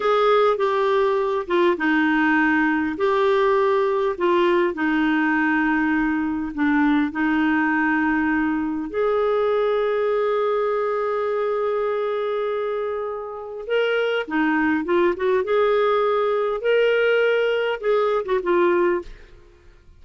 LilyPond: \new Staff \with { instrumentName = "clarinet" } { \time 4/4 \tempo 4 = 101 gis'4 g'4. f'8 dis'4~ | dis'4 g'2 f'4 | dis'2. d'4 | dis'2. gis'4~ |
gis'1~ | gis'2. ais'4 | dis'4 f'8 fis'8 gis'2 | ais'2 gis'8. fis'16 f'4 | }